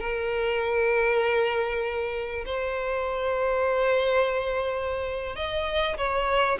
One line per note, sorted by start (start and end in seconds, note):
0.00 2.45 A#4
2.45 5.36 C5
5.36 5.97 D#5
5.97 6.58 C#5